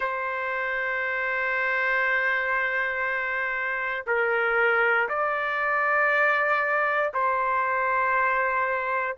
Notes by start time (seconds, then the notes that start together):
0.00 C5
4.06 A#4
5.08 D5
7.13 C5